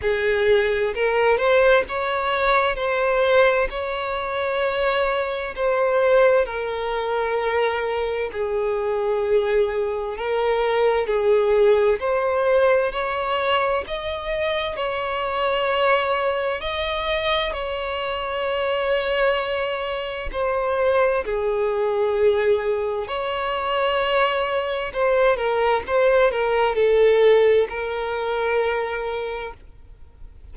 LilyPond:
\new Staff \with { instrumentName = "violin" } { \time 4/4 \tempo 4 = 65 gis'4 ais'8 c''8 cis''4 c''4 | cis''2 c''4 ais'4~ | ais'4 gis'2 ais'4 | gis'4 c''4 cis''4 dis''4 |
cis''2 dis''4 cis''4~ | cis''2 c''4 gis'4~ | gis'4 cis''2 c''8 ais'8 | c''8 ais'8 a'4 ais'2 | }